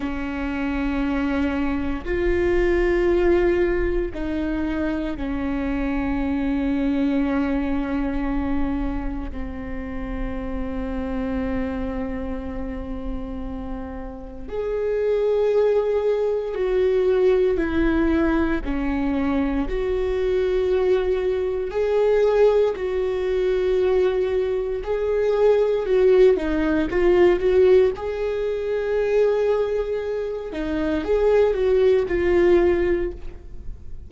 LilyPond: \new Staff \with { instrumentName = "viola" } { \time 4/4 \tempo 4 = 58 cis'2 f'2 | dis'4 cis'2.~ | cis'4 c'2.~ | c'2 gis'2 |
fis'4 e'4 cis'4 fis'4~ | fis'4 gis'4 fis'2 | gis'4 fis'8 dis'8 f'8 fis'8 gis'4~ | gis'4. dis'8 gis'8 fis'8 f'4 | }